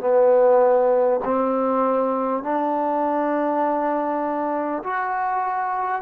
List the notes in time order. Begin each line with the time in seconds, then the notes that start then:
0.00 B3
1.24 C4
2.43 D4
4.83 F#4